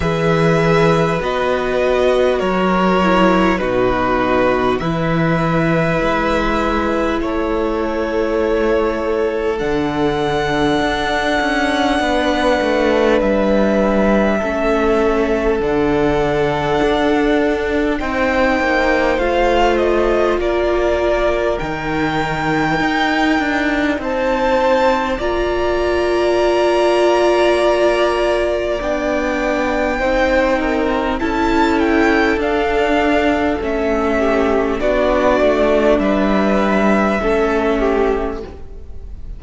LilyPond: <<
  \new Staff \with { instrumentName = "violin" } { \time 4/4 \tempo 4 = 50 e''4 dis''4 cis''4 b'4 | e''2 cis''2 | fis''2. e''4~ | e''4 fis''2 g''4 |
f''8 dis''8 d''4 g''2 | a''4 ais''2. | g''2 a''8 g''8 f''4 | e''4 d''4 e''2 | }
  \new Staff \with { instrumentName = "violin" } { \time 4/4 b'2 ais'4 fis'4 | b'2 a'2~ | a'2 b'2 | a'2. c''4~ |
c''4 ais'2. | c''4 d''2.~ | d''4 c''8 ais'8 a'2~ | a'8 g'8 fis'4 b'4 a'8 g'8 | }
  \new Staff \with { instrumentName = "viola" } { \time 4/4 gis'4 fis'4. e'8 dis'4 | e'1 | d'1 | cis'4 d'2 dis'4 |
f'2 dis'2~ | dis'4 f'2. | d'4 dis'4 e'4 d'4 | cis'4 d'2 cis'4 | }
  \new Staff \with { instrumentName = "cello" } { \time 4/4 e4 b4 fis4 b,4 | e4 gis4 a2 | d4 d'8 cis'8 b8 a8 g4 | a4 d4 d'4 c'8 ais8 |
a4 ais4 dis4 dis'8 d'8 | c'4 ais2. | b4 c'4 cis'4 d'4 | a4 b8 a8 g4 a4 | }
>>